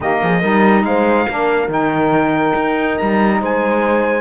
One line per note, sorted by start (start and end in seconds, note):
0.00 0.20 D#3
0.00 0.42 A#3
0.00 0.22 G4
0.00 0.84 D#5
0.22 0.43 F3
0.22 0.40 G#4
0.40 0.83 G3
0.40 1.27 D#4
0.40 0.83 A#4
0.83 1.26 G#3
0.83 1.29 C5
0.83 1.70 F5
1.28 1.67 A#3
1.28 1.69 D4
1.28 3.40 A#4
1.67 2.53 D#3
1.67 4.21 D#4
1.67 2.98 G5
2.55 2.97 D#4
2.98 3.41 G3
2.98 3.40 A#5
3.40 4.21 G#3
3.40 4.21 C5
3.40 4.21 G#5